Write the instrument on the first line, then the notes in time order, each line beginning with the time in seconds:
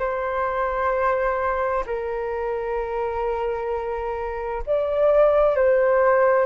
flute
0.00 C5
1.86 A#4
4.67 D5
5.56 C5